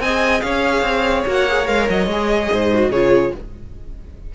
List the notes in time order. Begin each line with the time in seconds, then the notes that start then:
0.00 C4 G#4 D#5 G#5
0.41 C#4 C#5 F5
0.82 C4
1.27 A#3 F#4 F#5
1.49 G#4
1.66 G#3 A#4 F5
1.90 F#3 D#5
2.07 G#3 G#4
2.53 G#2 C5
2.74 F#4
2.90 C#3 F4 G#4 C#5